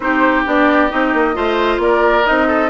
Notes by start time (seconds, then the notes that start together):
0.00 C4 D#4 G4 C5
0.45 B3 D4 D5
0.90 C4 D#4 D#5
1.13 A#3
1.33 A3 F4 C5
1.78 A#3 A#4 D5
2.24 C4 D#4 D#5
2.47 A4